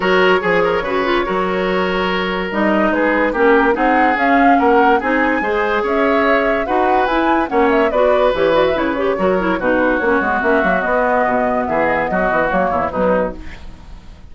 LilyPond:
<<
  \new Staff \with { instrumentName = "flute" } { \time 4/4 \tempo 4 = 144 cis''1~ | cis''2 dis''4 b'4 | ais'4 fis''4 f''4 fis''4 | gis''2 e''2 |
fis''4 gis''4 fis''8 e''8 d''4 | cis''8 d''16 e''16 cis''2 b'4 | cis''4 e''4 dis''2 | e''8 dis''16 e''16 dis''4 cis''4 b'4 | }
  \new Staff \with { instrumentName = "oboe" } { \time 4/4 ais'4 gis'8 ais'8 b'4 ais'4~ | ais'2. gis'4 | g'4 gis'2 ais'4 | gis'4 c''4 cis''2 |
b'2 cis''4 b'4~ | b'2 ais'4 fis'4~ | fis'1 | gis'4 fis'4. e'8 dis'4 | }
  \new Staff \with { instrumentName = "clarinet" } { \time 4/4 fis'4 gis'4 fis'8 f'8 fis'4~ | fis'2 dis'2 | cis'4 dis'4 cis'2 | dis'4 gis'2. |
fis'4 e'4 cis'4 fis'4 | g'8 fis'8 e'8 g'8 fis'8 e'8 dis'4 | cis'8 b8 cis'8 ais8 b2~ | b2 ais4 fis4 | }
  \new Staff \with { instrumentName = "bassoon" } { \time 4/4 fis4 f4 cis4 fis4~ | fis2 g4 gis4 | ais4 c'4 cis'4 ais4 | c'4 gis4 cis'2 |
dis'4 e'4 ais4 b4 | e4 cis4 fis4 b,4 | ais8 gis8 ais8 fis8 b4 b,4 | e4 fis8 e8 fis8 e,8 b,4 | }
>>